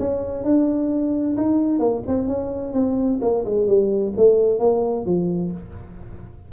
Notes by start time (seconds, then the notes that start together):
0.00 C#4
0.44 D4
1.37 D#4
1.80 A#3
2.08 C4
2.28 C#4
2.74 C4
3.22 A#3
3.46 G#3
3.68 G3
4.17 A3
4.60 A#3
5.06 F3